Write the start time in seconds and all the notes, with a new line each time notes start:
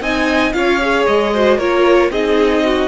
0.00 C4 D#4 D#5 G#5
0.53 C#4 F4 C#5 F5
0.81 G#4
1.07 G#3 D#5
1.33 F#4 C5
1.57 A#3 F4 A#4 C#5
2.10 C4 D#4 G#4 D#5
2.65 F#4